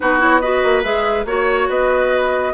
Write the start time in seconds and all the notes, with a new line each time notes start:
0.00 B3 D#4 F#4 B4
0.19 E4 C#5
0.40 F#4 B4 D#5
0.63 A#3
0.83 G#3 G#4 E5
1.25 A#3 F#4 C#5
1.69 B3 B4 D#5